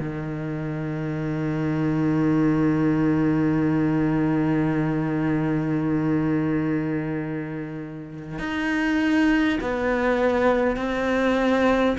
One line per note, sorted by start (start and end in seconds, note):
0.00 8.39 D#3
8.39 9.59 D#4
9.61 10.77 B3
10.77 11.97 C4